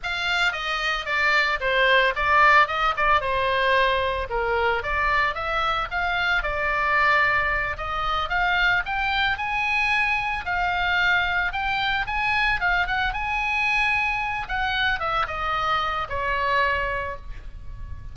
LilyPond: \new Staff \with { instrumentName = "oboe" } { \time 4/4 \tempo 4 = 112 f''4 dis''4 d''4 c''4 | d''4 dis''8 d''8 c''2 | ais'4 d''4 e''4 f''4 | d''2~ d''8 dis''4 f''8~ |
f''8 g''4 gis''2 f''8~ | f''4. g''4 gis''4 f''8 | fis''8 gis''2~ gis''8 fis''4 | e''8 dis''4. cis''2 | }